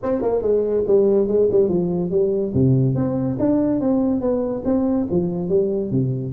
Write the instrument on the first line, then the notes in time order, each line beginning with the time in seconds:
tuba
0.02 C4
0.21 A#3
0.41 G#3
0.87 G3
1.27 G#3
1.51 G3
1.68 F3
2.10 G3
2.54 C3
2.95 C4
3.39 D4
3.80 C4
4.20 B3
4.64 C4
5.10 F3
5.48 G3
5.90 C3